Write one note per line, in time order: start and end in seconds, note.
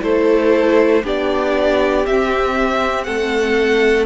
0.00 1.03 A3
0.00 1.02 E4
0.00 1.04 A4
0.00 1.04 C5
1.03 2.06 B3
1.03 2.04 D4
1.03 3.06 G4
1.03 2.06 D5
2.06 3.07 C4
2.06 4.06 C4
2.06 3.03 E5
3.03 4.06 A3
3.03 4.06 A4
3.03 4.05 F#5